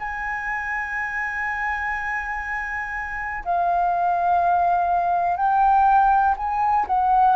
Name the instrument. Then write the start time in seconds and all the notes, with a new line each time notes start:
flute
0.00 G#5
3.45 F5
5.37 G5
6.38 G#5
6.88 F#5